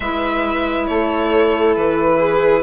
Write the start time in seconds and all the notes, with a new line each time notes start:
0.00 G#3 E4 B4 E5
0.86 A3 A4 C#5
1.75 E3 B4
2.18 G#4